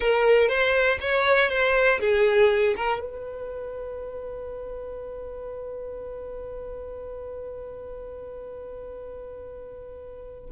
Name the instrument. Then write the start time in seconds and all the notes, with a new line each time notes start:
violin
0.00 A#4
0.48 C5
1.00 C#5
1.49 C5
2.00 G#4
2.76 A#4
3.00 B4